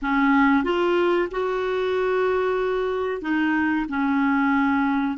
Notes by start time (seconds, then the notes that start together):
0.02 C#4
0.64 F4
1.31 F#4
3.21 D#4
3.89 C#4